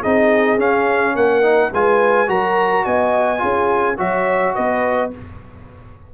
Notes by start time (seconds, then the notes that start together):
0.00 C4 D#4 G#4 D#5
0.58 C#4 F5
1.15 A#3 A#4 F#5
1.42 D#4
1.72 G#3 F4 B4 G#5
2.27 F#3 F#4 A#4 A#5
2.85 B3 D#5 G#5
3.38 C#4 F4 G#4
3.97 F#3 F#4 C#5 E5
4.55 B3 B4 D#5